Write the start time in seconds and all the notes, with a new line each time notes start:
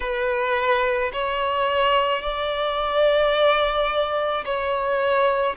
0.00 B4
1.12 C#5
2.22 D5
4.44 C#5